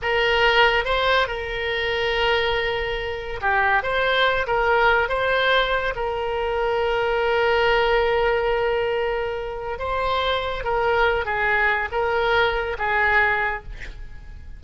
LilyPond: \new Staff \with { instrumentName = "oboe" } { \time 4/4 \tempo 4 = 141 ais'2 c''4 ais'4~ | ais'1 | g'4 c''4. ais'4. | c''2 ais'2~ |
ais'1~ | ais'2. c''4~ | c''4 ais'4. gis'4. | ais'2 gis'2 | }